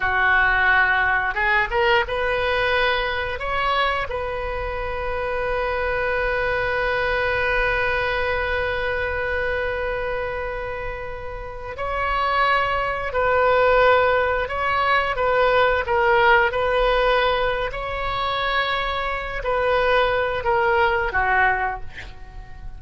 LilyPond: \new Staff \with { instrumentName = "oboe" } { \time 4/4 \tempo 4 = 88 fis'2 gis'8 ais'8 b'4~ | b'4 cis''4 b'2~ | b'1~ | b'1~ |
b'4~ b'16 cis''2 b'8.~ | b'4~ b'16 cis''4 b'4 ais'8.~ | ais'16 b'4.~ b'16 cis''2~ | cis''8 b'4. ais'4 fis'4 | }